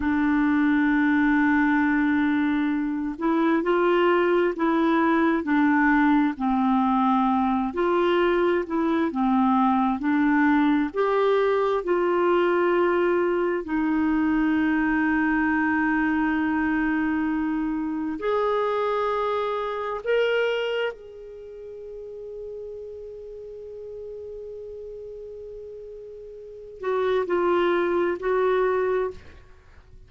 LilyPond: \new Staff \with { instrumentName = "clarinet" } { \time 4/4 \tempo 4 = 66 d'2.~ d'8 e'8 | f'4 e'4 d'4 c'4~ | c'8 f'4 e'8 c'4 d'4 | g'4 f'2 dis'4~ |
dis'1 | gis'2 ais'4 gis'4~ | gis'1~ | gis'4. fis'8 f'4 fis'4 | }